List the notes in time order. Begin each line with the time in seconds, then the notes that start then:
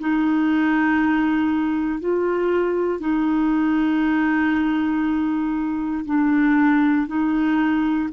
0.00 D#4
2.00 F4
3.00 D#4
6.06 D4
7.07 D#4